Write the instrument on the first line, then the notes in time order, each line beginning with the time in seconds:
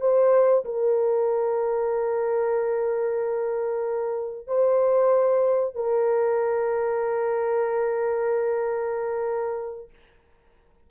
horn
0.00 C5
0.64 A#4
4.47 C5
5.74 A#4